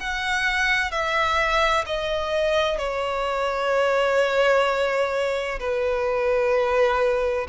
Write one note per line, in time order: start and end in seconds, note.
0.00 0.91 F#5
0.91 1.85 E5
1.86 2.78 D#5
2.78 5.59 C#5
5.60 7.47 B4